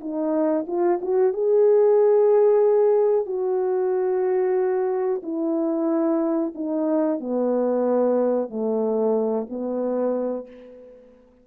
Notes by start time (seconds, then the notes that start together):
0.00 D#4
0.67 F4
1.01 F#4
1.33 G#4
3.26 F#4
5.22 E4
6.54 D#4
7.19 B3
8.49 A3
9.49 B3